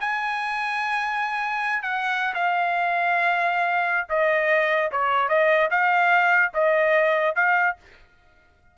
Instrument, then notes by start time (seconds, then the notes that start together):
trumpet
0.00 G#5
1.83 F#5
2.34 F5
4.09 D#5
4.91 C#5
5.28 D#5
5.71 F5
6.53 D#5
7.35 F5